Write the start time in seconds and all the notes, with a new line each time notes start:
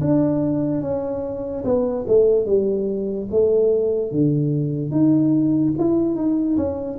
0.00 D4
0.81 C#4
1.64 B3
2.07 A3
2.45 G3
3.31 A3
4.11 D3
4.91 D#4
5.78 E4
6.15 D#4
6.56 C#4